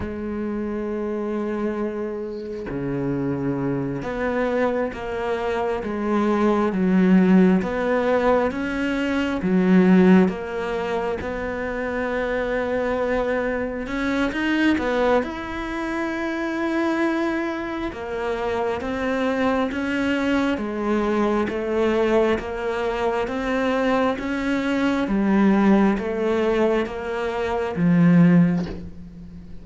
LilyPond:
\new Staff \with { instrumentName = "cello" } { \time 4/4 \tempo 4 = 67 gis2. cis4~ | cis8 b4 ais4 gis4 fis8~ | fis8 b4 cis'4 fis4 ais8~ | ais8 b2. cis'8 |
dis'8 b8 e'2. | ais4 c'4 cis'4 gis4 | a4 ais4 c'4 cis'4 | g4 a4 ais4 f4 | }